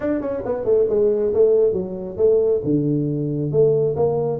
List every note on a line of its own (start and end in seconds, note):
0.00 0.20 D4
0.20 0.42 C#4
0.45 0.64 B3
0.64 0.86 A3
0.89 1.33 G#3
1.33 1.73 A3
1.73 2.16 F#3
2.17 2.61 A3
2.64 3.51 D3
3.51 3.95 A3
3.96 4.40 A#3